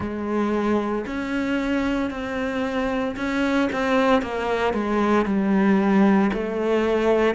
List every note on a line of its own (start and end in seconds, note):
0.00 1.05 G#3
1.06 2.10 C#4
2.10 3.15 C4
3.16 3.68 C#4
3.72 4.22 C4
4.22 4.73 A#3
4.73 5.25 G#3
5.25 6.31 G3
6.33 7.34 A3